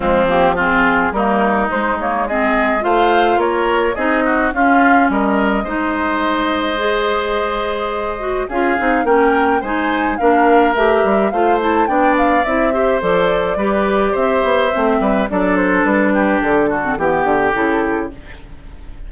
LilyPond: <<
  \new Staff \with { instrumentName = "flute" } { \time 4/4 \tempo 4 = 106 f'8 g'8 gis'4 ais'4 c''8 cis''8 | dis''4 f''4 cis''4 dis''4 | f''4 dis''2.~ | dis''2. f''4 |
g''4 gis''4 f''4 e''4 | f''8 a''8 g''8 f''8 e''4 d''4~ | d''4 e''2 d''8 c''8 | b'4 a'4 g'4 a'4 | }
  \new Staff \with { instrumentName = "oboe" } { \time 4/4 c'4 f'4 dis'2 | gis'4 c''4 ais'4 gis'8 fis'8 | f'4 ais'4 c''2~ | c''2. gis'4 |
ais'4 c''4 ais'2 | c''4 d''4. c''4. | b'4 c''4. b'8 a'4~ | a'8 g'4 fis'8 g'2 | }
  \new Staff \with { instrumentName = "clarinet" } { \time 4/4 gis8 ais8 c'4 ais4 gis8 ais8 | c'4 f'2 dis'4 | cis'2 dis'2 | gis'2~ gis'8 fis'8 f'8 dis'8 |
cis'4 dis'4 d'4 g'4 | f'8 e'8 d'4 e'8 g'8 a'4 | g'2 c'4 d'4~ | d'4.~ d'16 c'16 b4 e'4 | }
  \new Staff \with { instrumentName = "bassoon" } { \time 4/4 f2 g4 gis4~ | gis4 a4 ais4 c'4 | cis'4 g4 gis2~ | gis2. cis'8 c'8 |
ais4 gis4 ais4 a8 g8 | a4 b4 c'4 f4 | g4 c'8 b8 a8 g8 fis4 | g4 d4 e8 d8 cis4 | }
>>